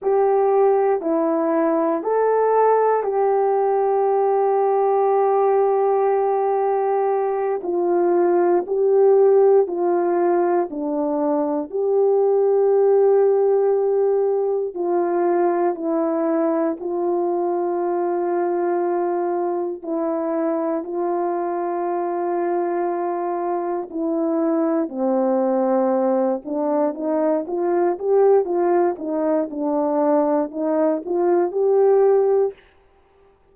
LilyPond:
\new Staff \with { instrumentName = "horn" } { \time 4/4 \tempo 4 = 59 g'4 e'4 a'4 g'4~ | g'2.~ g'8 f'8~ | f'8 g'4 f'4 d'4 g'8~ | g'2~ g'8 f'4 e'8~ |
e'8 f'2. e'8~ | e'8 f'2. e'8~ | e'8 c'4. d'8 dis'8 f'8 g'8 | f'8 dis'8 d'4 dis'8 f'8 g'4 | }